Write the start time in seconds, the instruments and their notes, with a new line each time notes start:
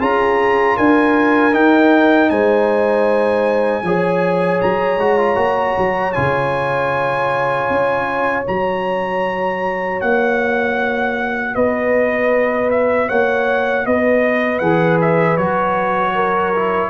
0.00 tuba C#4, trombone F4, horn G#4, trumpet A#5
0.77 tuba D4, horn A#4, trumpet G#5
1.52 trombone D#4, tuba D#4, trumpet G5
2.30 tuba G#3, horn C5, trumpet G#5
3.83 tuba F3, trombone G#4, horn C#5
4.61 tuba F#3, trumpet A#5
4.99 tuba G#3, trombone F#4
5.19 trombone F4
5.36 tuba A#3, trombone F#4
5.78 tuba F#3
6.13 tuba C#3, trombone F4, trumpet G#5
7.70 tuba C#4
8.44 tuba F#3, trombone F#4, trumpet A#5
10.01 tuba A#3, trumpet F#5
11.55 tuba B3, horn B4, trumpet D#5
12.71 trumpet E5
13.08 tuba A#3, horn C#5, trumpet F#5
13.86 tuba B3, horn B4, trumpet D#5
14.59 tuba E3, trombone G#4, trumpet F#5
15.02 trumpet E5
15.37 tuba F#3, trombone F#4, trumpet C#5
16.15 horn A#4
16.56 trombone E4